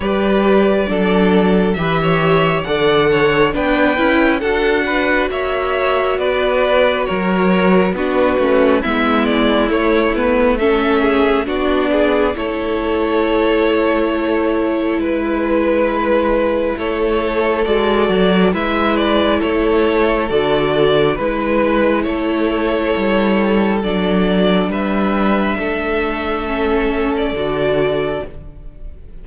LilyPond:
<<
  \new Staff \with { instrumentName = "violin" } { \time 4/4 \tempo 4 = 68 d''2 e''4 fis''4 | g''4 fis''4 e''4 d''4 | cis''4 b'4 e''8 d''8 cis''8 b'8 | e''4 d''4 cis''2~ |
cis''4 b'2 cis''4 | d''4 e''8 d''8 cis''4 d''4 | b'4 cis''2 d''4 | e''2~ e''8. d''4~ d''16 | }
  \new Staff \with { instrumentName = "violin" } { \time 4/4 b'4 a'4 b'16 cis''8. d''8 cis''8 | b'4 a'8 b'8 cis''4 b'4 | ais'4 fis'4 e'2 | a'8 gis'8 fis'8 gis'8 a'2~ |
a'4 b'2 a'4~ | a'4 b'4 a'2 | b'4 a'2. | b'4 a'2. | }
  \new Staff \with { instrumentName = "viola" } { \time 4/4 g'4 d'4 g'4 a'4 | d'8 e'8 fis'2.~ | fis'4 d'8 cis'8 b4 a8 b8 | cis'4 d'4 e'2~ |
e'1 | fis'4 e'2 fis'4 | e'2. d'4~ | d'2 cis'4 fis'4 | }
  \new Staff \with { instrumentName = "cello" } { \time 4/4 g4 fis4 e4 d4 | b8 cis'8 d'4 ais4 b4 | fis4 b8 a8 gis4 a4~ | a4 b4 a2~ |
a4 gis2 a4 | gis8 fis8 gis4 a4 d4 | gis4 a4 g4 fis4 | g4 a2 d4 | }
>>